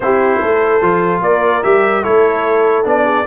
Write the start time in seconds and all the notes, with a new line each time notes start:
0.00 C4 E4 G4 C5
0.40 A3 A4
0.81 F3 F4
1.21 A#3 A#4 D5
1.63 G3 G4 E5
2.02 A3 E4 A4 C#5
2.84 B3 D4 D5
3.03 G#4